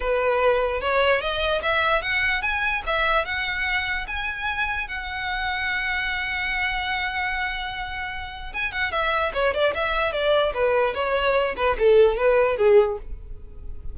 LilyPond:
\new Staff \with { instrumentName = "violin" } { \time 4/4 \tempo 4 = 148 b'2 cis''4 dis''4 | e''4 fis''4 gis''4 e''4 | fis''2 gis''2 | fis''1~ |
fis''1~ | fis''4 gis''8 fis''8 e''4 cis''8 d''8 | e''4 d''4 b'4 cis''4~ | cis''8 b'8 a'4 b'4 gis'4 | }